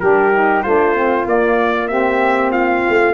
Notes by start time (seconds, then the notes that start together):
0.00 G3 D4 G4 A#4
0.33 D#4
0.63 A3 D4 F4 C5
0.95 C4
1.26 A#3 D5
1.88 C4 G4 E5
2.51 F4 F5
2.89 A3